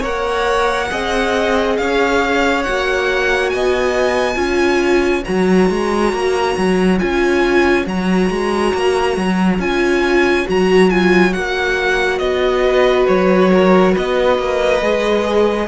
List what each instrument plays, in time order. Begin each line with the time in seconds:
0.00 cello A#3, viola A#4, violin C#5 F#5
0.91 cello C4, viola G#4, violin D#5
1.77 cello C#4, violin C#5 F5
2.63 cello A#3, viola F#4, violin F#5
3.50 cello B3, violin D#5 G#5
4.35 cello C#4, viola F4, violin C#5
5.25 cello F#3, viola F#4, violin A#5
5.70 cello G#3
6.13 cello A#3
6.58 cello F#3
6.99 cello C#4, viola F4, violin G#5
7.85 cello F#3, viola F#4, violin A#5
8.30 cello G#3
8.74 cello A#3
9.17 cello F#3
9.59 cello C#4, viola F4, violin G#5
10.46 cello F#3, viola F#4, violin A#5
10.90 viola F4, violin G#5
11.32 cello A#3, viola F#4, violin F#5
12.19 cello B3, violin D#5
12.64 violin B4
13.08 cello F#3, violin C#5
13.54 violin A#4
13.93 cello B3, violin B4 D#5
14.39 cello A#3
14.82 cello G#3, viola G#4